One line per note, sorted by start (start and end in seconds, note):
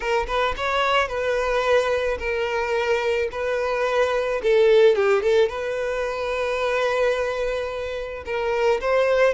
0.00 0.26 A#4
0.27 0.54 B4
0.57 1.07 C#5
1.07 2.17 B4
2.18 3.29 A#4
3.31 4.41 B4
4.42 4.95 A4
4.95 5.22 G4
5.22 5.48 A4
5.48 8.24 B4
8.25 8.80 A#4
8.80 9.34 C5